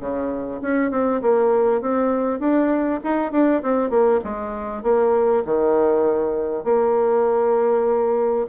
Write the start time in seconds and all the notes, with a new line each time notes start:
0.00 C#3
0.62 C#4
0.91 C4
1.22 A#3
1.81 C4
2.40 D4
3.04 D#4
3.32 D4
3.63 C4
3.90 A#3
4.24 G#3
4.83 A#3
5.45 D#3
6.64 A#3